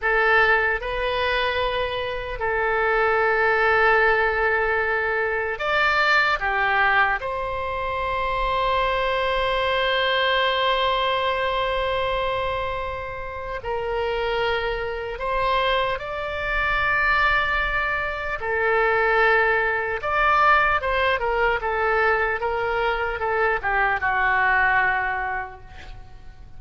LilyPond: \new Staff \with { instrumentName = "oboe" } { \time 4/4 \tempo 4 = 75 a'4 b'2 a'4~ | a'2. d''4 | g'4 c''2.~ | c''1~ |
c''4 ais'2 c''4 | d''2. a'4~ | a'4 d''4 c''8 ais'8 a'4 | ais'4 a'8 g'8 fis'2 | }